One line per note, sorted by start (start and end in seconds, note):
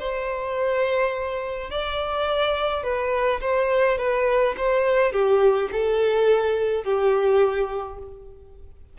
0.00 1.71 C5
1.71 2.83 D5
2.83 3.41 B4
3.41 3.98 C5
3.98 4.56 B4
4.57 5.12 C5
5.12 5.70 G4
5.72 6.84 A4
6.84 7.98 G4